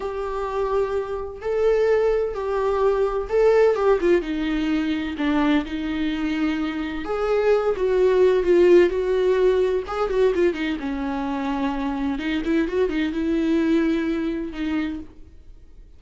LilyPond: \new Staff \with { instrumentName = "viola" } { \time 4/4 \tempo 4 = 128 g'2. a'4~ | a'4 g'2 a'4 | g'8 f'8 dis'2 d'4 | dis'2. gis'4~ |
gis'8 fis'4. f'4 fis'4~ | fis'4 gis'8 fis'8 f'8 dis'8 cis'4~ | cis'2 dis'8 e'8 fis'8 dis'8 | e'2. dis'4 | }